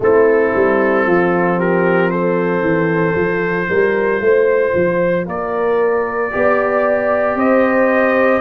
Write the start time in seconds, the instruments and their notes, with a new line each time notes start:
0.00 tuba A3, trombone C4, horn E4, trumpet A4
0.55 tuba G3
1.06 tuba F3, horn F4
1.57 horn G4, trumpet A#4
2.10 horn A4, trumpet C5
2.61 tuba E3
3.15 tuba F3, trombone F4
3.69 tuba G3, horn A#4
4.20 tuba A3, horn C5
4.74 tuba F3
5.26 tuba A#3, horn A#4, trumpet D5
6.31 tuba B3, trombone G4, horn D5
7.35 tuba C4, horn C5, trumpet D#5